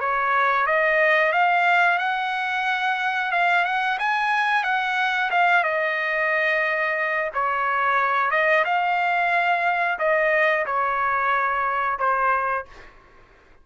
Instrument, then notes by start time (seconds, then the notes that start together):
trumpet
0.00 C#5
0.66 D#5
1.32 F5
1.98 F#5
3.31 F5
3.64 F#5
3.99 G#5
4.64 F#5
5.30 F5
5.64 D#5
7.34 C#5
8.31 D#5
8.65 F5
9.99 D#5
10.66 C#5
11.98 C5